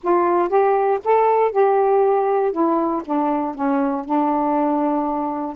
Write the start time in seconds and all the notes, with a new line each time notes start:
0.03 F4
0.48 G4
1.04 A4
1.51 G4
2.52 E4
3.05 D4
3.54 C#4
4.05 D4